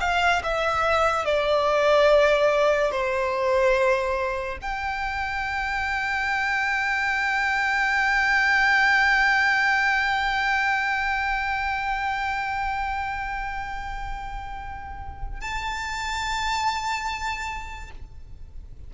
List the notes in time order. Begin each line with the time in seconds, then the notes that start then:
0.00 F5
0.43 E5
1.25 D5
2.91 C5
4.61 G5
15.40 A5